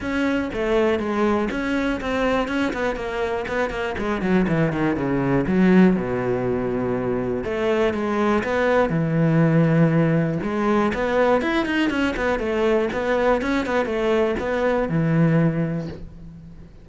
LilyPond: \new Staff \with { instrumentName = "cello" } { \time 4/4 \tempo 4 = 121 cis'4 a4 gis4 cis'4 | c'4 cis'8 b8 ais4 b8 ais8 | gis8 fis8 e8 dis8 cis4 fis4 | b,2. a4 |
gis4 b4 e2~ | e4 gis4 b4 e'8 dis'8 | cis'8 b8 a4 b4 cis'8 b8 | a4 b4 e2 | }